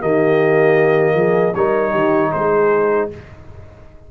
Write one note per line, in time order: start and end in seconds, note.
0.00 1.15 D#3
0.00 1.54 A#3
0.00 1.16 G4
0.00 1.55 D#5
1.15 1.53 F3
1.15 1.54 G#4
1.55 1.94 G3
1.55 3.11 D#4
1.55 1.92 A#4
1.55 2.32 C#5
1.92 2.33 D#3
1.92 2.30 G4
2.32 3.11 G#3
2.32 3.09 G#4
2.32 3.09 C5